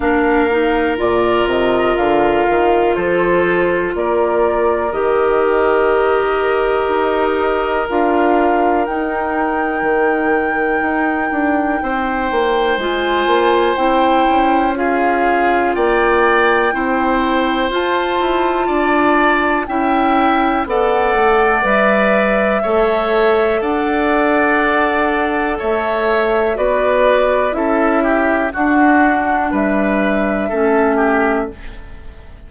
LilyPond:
<<
  \new Staff \with { instrumentName = "flute" } { \time 4/4 \tempo 4 = 61 f''4 d''8 dis''8 f''4 c''4 | d''4 dis''2. | f''4 g''2.~ | g''4 gis''4 g''4 f''4 |
g''2 a''2 | g''4 fis''4 e''2 | fis''2 e''4 d''4 | e''4 fis''4 e''2 | }
  \new Staff \with { instrumentName = "oboe" } { \time 4/4 ais'2. a'4 | ais'1~ | ais'1 | c''2. gis'4 |
d''4 c''2 d''4 | e''4 d''2 cis''4 | d''2 cis''4 b'4 | a'8 g'8 fis'4 b'4 a'8 g'8 | }
  \new Staff \with { instrumentName = "clarinet" } { \time 4/4 d'8 dis'8 f'2.~ | f'4 g'2. | f'4 dis'2.~ | dis'4 f'4 e'4 f'4~ |
f'4 e'4 f'2 | e'4 a'4 b'4 a'4~ | a'2. fis'4 | e'4 d'2 cis'4 | }
  \new Staff \with { instrumentName = "bassoon" } { \time 4/4 ais4 ais,8 c8 d8 dis8 f4 | ais4 dis2 dis'4 | d'4 dis'4 dis4 dis'8 d'8 | c'8 ais8 gis8 ais8 c'8 cis'4. |
ais4 c'4 f'8 e'8 d'4 | cis'4 b8 a8 g4 a4 | d'2 a4 b4 | cis'4 d'4 g4 a4 | }
>>